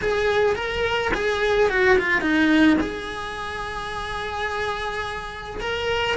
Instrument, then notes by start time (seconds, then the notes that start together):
cello
0.01 G#4
0.55 A#4
1.14 G#4
1.69 F#4
1.98 F4
2.21 D#4
2.80 G#4
5.60 A#4